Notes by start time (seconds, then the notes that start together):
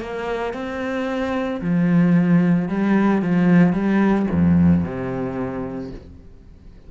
0.00 A#3
0.53 C4
1.61 F3
2.68 G3
3.22 F3
3.73 G3
4.31 F2
4.84 C3